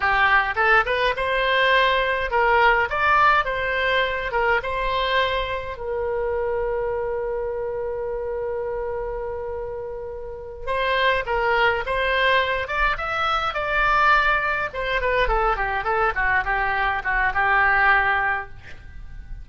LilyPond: \new Staff \with { instrumentName = "oboe" } { \time 4/4 \tempo 4 = 104 g'4 a'8 b'8 c''2 | ais'4 d''4 c''4. ais'8 | c''2 ais'2~ | ais'1~ |
ais'2~ ais'8 c''4 ais'8~ | ais'8 c''4. d''8 e''4 d''8~ | d''4. c''8 b'8 a'8 g'8 a'8 | fis'8 g'4 fis'8 g'2 | }